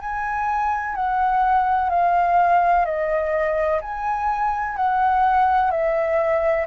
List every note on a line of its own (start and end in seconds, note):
0.00 0.95 G#5
0.95 1.90 F#5
1.90 2.85 F5
2.85 3.81 D#5
3.81 4.77 G#5
4.77 5.71 F#5
5.71 6.66 E5